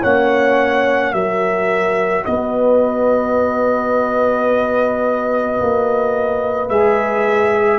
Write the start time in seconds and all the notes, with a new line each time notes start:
0.00 A#3 C#4 C#5 F#5
1.14 F#3 F#4 A#4 E5
2.25 B3 B4 D#5
5.61 A#3
6.69 G#3 G#4 E5